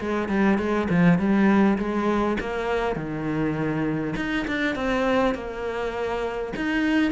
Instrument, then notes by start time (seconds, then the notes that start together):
cello
0.00 G#3
0.29 G3
0.58 G#3
0.90 F3
1.19 G3
1.78 G#3
2.40 A#3
2.96 D#3
4.16 D#4
4.47 D4
4.75 C4
5.34 A#3
6.56 D#4